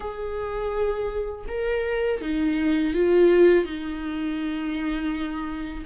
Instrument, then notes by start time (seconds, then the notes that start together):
viola
0.00 G#4
1.48 A#4
2.21 D#4
2.93 F4
3.65 D#4